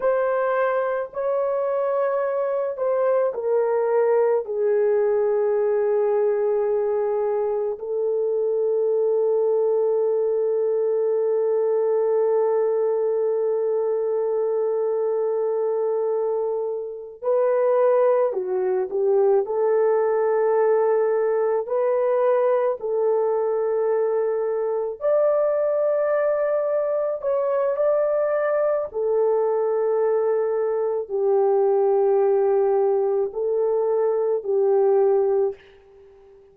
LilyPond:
\new Staff \with { instrumentName = "horn" } { \time 4/4 \tempo 4 = 54 c''4 cis''4. c''8 ais'4 | gis'2. a'4~ | a'1~ | a'2.~ a'8 b'8~ |
b'8 fis'8 g'8 a'2 b'8~ | b'8 a'2 d''4.~ | d''8 cis''8 d''4 a'2 | g'2 a'4 g'4 | }